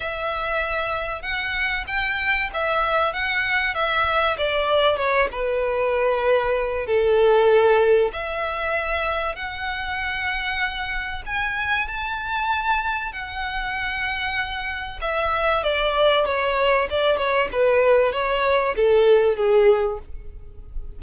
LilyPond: \new Staff \with { instrumentName = "violin" } { \time 4/4 \tempo 4 = 96 e''2 fis''4 g''4 | e''4 fis''4 e''4 d''4 | cis''8 b'2~ b'8 a'4~ | a'4 e''2 fis''4~ |
fis''2 gis''4 a''4~ | a''4 fis''2. | e''4 d''4 cis''4 d''8 cis''8 | b'4 cis''4 a'4 gis'4 | }